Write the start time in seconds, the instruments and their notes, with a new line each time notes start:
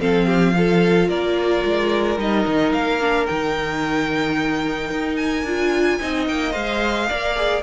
0.00 cello F3, viola C4, violin A4 F5
0.26 violin G4
0.55 viola F4, violin A4
1.09 cello A#3, violin A#4 D5
1.64 cello G#3
2.18 cello G3, viola D#4, violin D#5
2.46 cello D#3
2.73 cello A#3, violin F5
3.01 viola D4
3.26 cello D#3, viola D#4, violin G5
4.90 cello D#4
5.16 violin G#5
5.43 cello D4, viola F4
6.01 cello C4, viola D#4, violin D#5
6.28 cello A#3, violin G5
6.52 cello G#3, viola C5, violin F5
7.09 cello A#3, viola A#4, violin D5
7.37 viola G#4